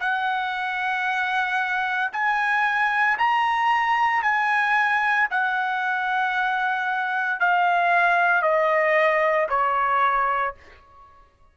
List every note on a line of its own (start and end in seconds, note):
0.00 2.11 F#5
2.13 3.18 G#5
3.18 4.22 A#5
4.22 5.28 G#5
5.31 7.40 F#5
7.40 8.42 F5
8.42 9.47 D#5
9.49 10.55 C#5